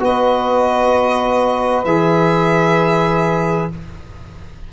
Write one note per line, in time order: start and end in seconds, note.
0.00 1.85 B3
0.00 1.85 F#4
0.00 3.73 B4
0.00 1.85 D#5
1.85 3.70 E3
1.85 3.72 G#4
1.85 3.70 E5